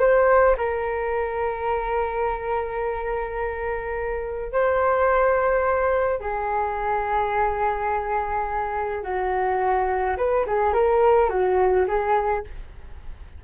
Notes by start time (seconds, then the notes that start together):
0.00 C5
0.58 A#4
4.53 C5
6.21 G#4
9.04 F#4
10.18 B4
10.47 G#4
10.74 A#4
11.30 F#4
11.88 G#4